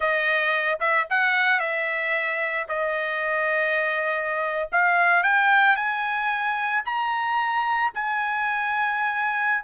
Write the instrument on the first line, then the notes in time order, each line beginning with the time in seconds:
trumpet
0.00 D#5
0.80 E5
1.10 F#5
1.59 E5
2.68 D#5
4.72 F5
5.23 G5
5.75 G#5
6.85 A#5
7.94 G#5